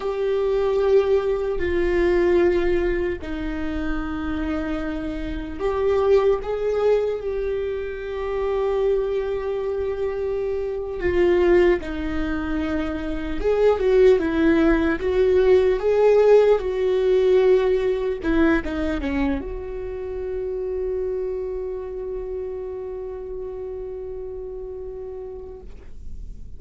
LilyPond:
\new Staff \with { instrumentName = "viola" } { \time 4/4 \tempo 4 = 75 g'2 f'2 | dis'2. g'4 | gis'4 g'2.~ | g'4.~ g'16 f'4 dis'4~ dis'16~ |
dis'8. gis'8 fis'8 e'4 fis'4 gis'16~ | gis'8. fis'2 e'8 dis'8 cis'16~ | cis'16 fis'2.~ fis'8.~ | fis'1 | }